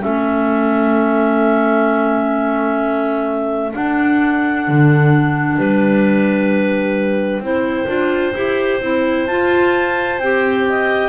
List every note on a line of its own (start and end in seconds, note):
0.00 3.74 A3
0.00 3.71 C#4
0.00 5.54 A4
0.00 3.72 E5
3.73 7.42 D4
3.73 4.68 D4
3.73 5.58 F#5
4.68 5.58 D3
5.58 7.40 G3
5.58 7.42 B4
5.58 9.27 G5
7.40 7.86 C4
7.40 7.87 E4
7.40 10.68 C5
7.87 8.34 D4
7.87 8.33 F4
8.36 8.81 E4
8.36 8.82 G4
8.81 9.27 C4
8.81 9.28 E4
9.27 10.19 F4
9.27 10.22 F4
9.27 10.19 A5
10.19 11.09 C4
10.19 11.09 G4
10.19 11.09 G5
10.69 11.09 D#5